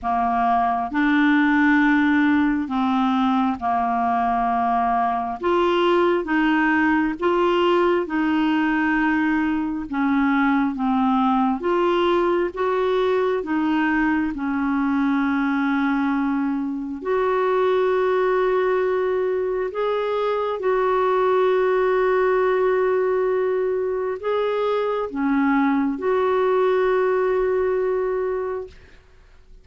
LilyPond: \new Staff \with { instrumentName = "clarinet" } { \time 4/4 \tempo 4 = 67 ais4 d'2 c'4 | ais2 f'4 dis'4 | f'4 dis'2 cis'4 | c'4 f'4 fis'4 dis'4 |
cis'2. fis'4~ | fis'2 gis'4 fis'4~ | fis'2. gis'4 | cis'4 fis'2. | }